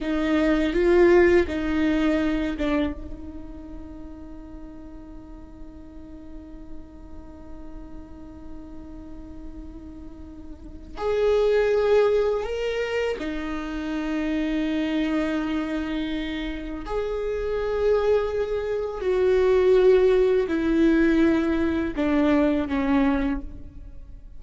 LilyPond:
\new Staff \with { instrumentName = "viola" } { \time 4/4 \tempo 4 = 82 dis'4 f'4 dis'4. d'8 | dis'1~ | dis'1~ | dis'2. gis'4~ |
gis'4 ais'4 dis'2~ | dis'2. gis'4~ | gis'2 fis'2 | e'2 d'4 cis'4 | }